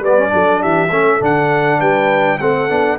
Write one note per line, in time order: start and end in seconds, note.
0.00 0.30 G3
0.00 0.30 B4
0.00 0.62 D5
0.06 0.18 B3
0.18 0.29 C#4
0.29 0.63 F#3
0.29 0.88 D4
0.29 0.61 A4
0.61 0.90 E3
0.61 0.91 G4
0.61 1.22 E5
0.90 1.20 A3
0.90 1.20 C#4
0.90 1.79 A4
1.20 1.80 D3
1.20 2.39 D4
1.20 1.80 F#5
1.79 2.39 G3
1.79 2.38 B4
1.79 2.38 G5
2.38 2.70 A3
2.38 2.69 C4
2.38 2.99 A4
2.38 2.98 F#5
2.69 2.99 B3
2.69 2.98 D4